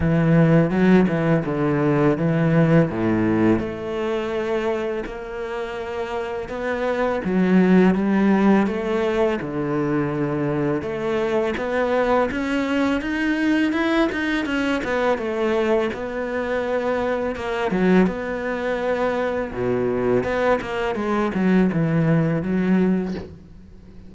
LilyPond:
\new Staff \with { instrumentName = "cello" } { \time 4/4 \tempo 4 = 83 e4 fis8 e8 d4 e4 | a,4 a2 ais4~ | ais4 b4 fis4 g4 | a4 d2 a4 |
b4 cis'4 dis'4 e'8 dis'8 | cis'8 b8 a4 b2 | ais8 fis8 b2 b,4 | b8 ais8 gis8 fis8 e4 fis4 | }